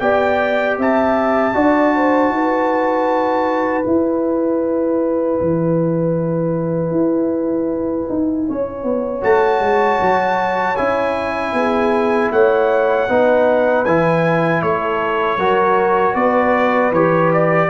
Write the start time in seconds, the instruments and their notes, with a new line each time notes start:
0.00 tuba B3, trombone G4, horn D5, trumpet G5
0.78 tuba C4, horn E5, trumpet A5
1.54 tuba D4, trombone F#4, horn D5
1.95 horn C5
2.30 tuba D#4, horn B4
3.83 trombone E4, tuba E4, trumpet G#5
5.41 tuba E3
6.92 tuba E4
8.10 tuba D#4
8.48 tuba C#4, horn C#5
8.84 tuba B3
9.22 tuba A3, trombone F#4, trumpet A5
9.61 tuba G#3
10.02 tuba F#3
10.77 tuba C#4, trombone E4, trumpet G#5
11.53 tuba B3, horn G#4
12.32 tuba A3, horn C#5, trumpet F#5
13.09 tuba B3, trombone D#4, horn B4
13.85 tuba E3, trombone E4, trumpet G#5
14.62 tuba A3, horn A4, trumpet C#5
15.38 tuba F#3, trombone F#4, horn A#4
16.14 tuba B3, horn B4, trumpet D5
16.92 tuba E3, trombone G4, trumpet C#5
17.33 trumpet D5